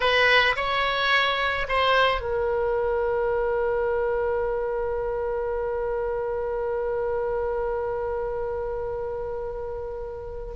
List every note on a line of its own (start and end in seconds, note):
0.00 0.55 B4
0.56 1.67 C#5
1.68 2.21 C5
2.21 10.54 A#4